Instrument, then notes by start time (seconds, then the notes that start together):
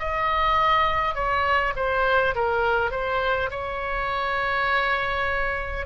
oboe
0.00 D#5
1.15 C#5
1.76 C5
2.35 A#4
2.91 C5
3.51 C#5